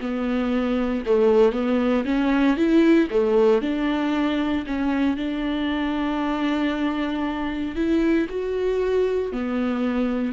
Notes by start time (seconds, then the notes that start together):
0.00 B3
1.06 A3
1.52 B3
2.05 C#4
2.57 E4
3.10 A3
3.62 D4
4.66 C#4
5.17 D4
7.75 E4
8.29 F#4
9.32 B3